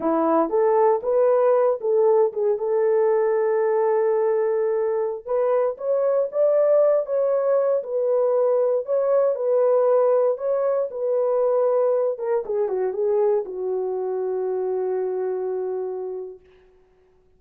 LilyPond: \new Staff \with { instrumentName = "horn" } { \time 4/4 \tempo 4 = 117 e'4 a'4 b'4. a'8~ | a'8 gis'8 a'2.~ | a'2~ a'16 b'4 cis''8.~ | cis''16 d''4. cis''4. b'8.~ |
b'4~ b'16 cis''4 b'4.~ b'16~ | b'16 cis''4 b'2~ b'8 ais'16~ | ais'16 gis'8 fis'8 gis'4 fis'4.~ fis'16~ | fis'1 | }